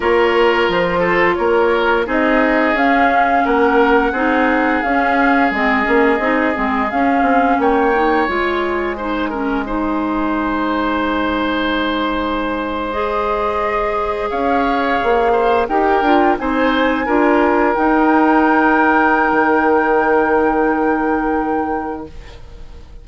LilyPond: <<
  \new Staff \with { instrumentName = "flute" } { \time 4/4 \tempo 4 = 87 cis''4 c''4 cis''4 dis''4 | f''4 fis''2 f''4 | dis''2 f''4 g''4 | gis''1~ |
gis''2~ gis''8. dis''4~ dis''16~ | dis''8. f''2 g''4 gis''16~ | gis''4.~ gis''16 g''2~ g''16~ | g''1 | }
  \new Staff \with { instrumentName = "oboe" } { \time 4/4 ais'4. a'8 ais'4 gis'4~ | gis'4 ais'4 gis'2~ | gis'2. cis''4~ | cis''4 c''8 ais'8 c''2~ |
c''1~ | c''8. cis''4. c''8 ais'4 c''16~ | c''8. ais'2.~ ais'16~ | ais'1 | }
  \new Staff \with { instrumentName = "clarinet" } { \time 4/4 f'2. dis'4 | cis'2 dis'4 cis'4 | c'8 cis'8 dis'8 c'8 cis'4. dis'8 | f'4 dis'8 cis'8 dis'2~ |
dis'2~ dis'8. gis'4~ gis'16~ | gis'2~ gis'8. g'8 f'8 dis'16~ | dis'8. f'4 dis'2~ dis'16~ | dis'1 | }
  \new Staff \with { instrumentName = "bassoon" } { \time 4/4 ais4 f4 ais4 c'4 | cis'4 ais4 c'4 cis'4 | gis8 ais8 c'8 gis8 cis'8 c'8 ais4 | gis1~ |
gis1~ | gis8. cis'4 ais4 dis'8 d'8 c'16~ | c'8. d'4 dis'2~ dis'16 | dis1 | }
>>